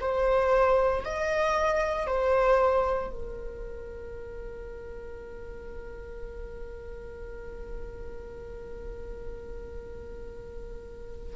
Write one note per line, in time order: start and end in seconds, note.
0.00 1.03 C5
1.04 2.06 D#5
2.06 3.10 C5
3.10 11.36 A#4